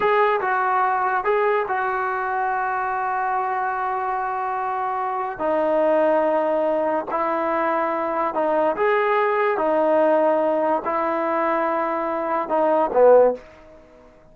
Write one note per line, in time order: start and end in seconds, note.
0.00 0.40 G#4
0.41 1.24 F#4
1.24 1.66 G#4
1.68 5.38 F#4
5.38 7.05 D#4
7.10 8.34 E4
8.34 8.76 D#4
8.76 9.57 G#4
9.57 10.82 D#4
10.84 12.48 E4
12.48 12.90 D#4
12.92 13.34 B3